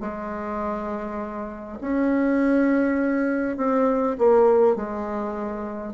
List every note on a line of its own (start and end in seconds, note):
0.00 1.78 G#3
1.81 3.57 C#4
3.57 4.16 C4
4.18 4.76 A#3
4.76 5.93 G#3